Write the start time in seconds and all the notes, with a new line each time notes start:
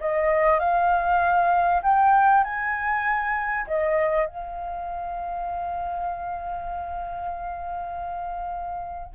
0.00 D#5
0.59 F5
1.82 G5
2.44 G#5
3.67 D#5
4.26 F5